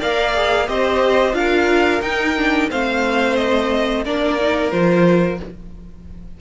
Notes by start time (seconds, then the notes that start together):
0.00 A#3 A#4 D5 F5
0.35 G#4
0.68 C4 G4 C5 D#5
1.33 D4 F4 A#4 F5
2.02 D#4 G5
2.37 D4
2.70 A3 C4 C5 F5
3.36 D#5
4.06 A#3 D4 A#4 D5
4.40 D#4
4.71 F3 F4 C5